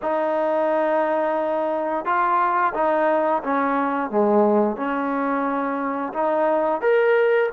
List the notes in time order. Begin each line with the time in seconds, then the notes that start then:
0.02 D#4
2.05 F4
2.74 D#4
3.43 C#4
4.10 G#3
4.76 C#4
6.13 D#4
6.81 A#4